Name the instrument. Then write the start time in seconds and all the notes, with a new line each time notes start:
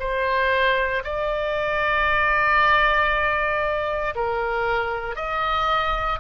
oboe
0.00 C5
1.05 D5
4.16 A#4
5.16 D#5